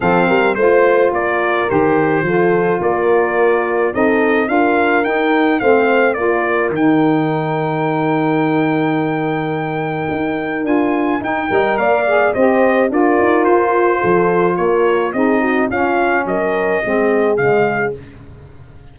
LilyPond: <<
  \new Staff \with { instrumentName = "trumpet" } { \time 4/4 \tempo 4 = 107 f''4 c''4 d''4 c''4~ | c''4 d''2 dis''4 | f''4 g''4 f''4 d''4 | g''1~ |
g''2. gis''4 | g''4 f''4 dis''4 d''4 | c''2 cis''4 dis''4 | f''4 dis''2 f''4 | }
  \new Staff \with { instrumentName = "horn" } { \time 4/4 a'8 ais'8 c''4 ais'2 | a'4 ais'2 a'4 | ais'2 c''4 ais'4~ | ais'1~ |
ais'1~ | ais'8 dis''8 d''4 c''4 ais'4~ | ais'4 a'4 ais'4 gis'8 fis'8 | f'4 ais'4 gis'2 | }
  \new Staff \with { instrumentName = "saxophone" } { \time 4/4 c'4 f'2 g'4 | f'2. dis'4 | f'4 dis'4 c'4 f'4 | dis'1~ |
dis'2. f'4 | dis'8 ais'4 gis'8 g'4 f'4~ | f'2. dis'4 | cis'2 c'4 gis4 | }
  \new Staff \with { instrumentName = "tuba" } { \time 4/4 f8 g8 a4 ais4 dis4 | f4 ais2 c'4 | d'4 dis'4 a4 ais4 | dis1~ |
dis2 dis'4 d'4 | dis'8 g8 ais4 c'4 d'8 dis'8 | f'4 f4 ais4 c'4 | cis'4 fis4 gis4 cis4 | }
>>